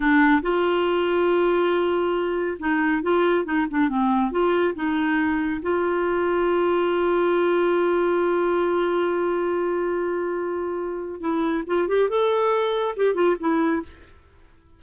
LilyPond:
\new Staff \with { instrumentName = "clarinet" } { \time 4/4 \tempo 4 = 139 d'4 f'2.~ | f'2 dis'4 f'4 | dis'8 d'8 c'4 f'4 dis'4~ | dis'4 f'2.~ |
f'1~ | f'1~ | f'2 e'4 f'8 g'8 | a'2 g'8 f'8 e'4 | }